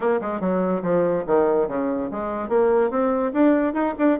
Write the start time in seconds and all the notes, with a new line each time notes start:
0.00 A#3
0.21 G#3
0.40 F#3
0.82 F3
1.27 D#3
1.68 C#3
2.11 G#3
2.48 A#3
2.90 C4
3.33 D4
3.73 D#4
3.98 D4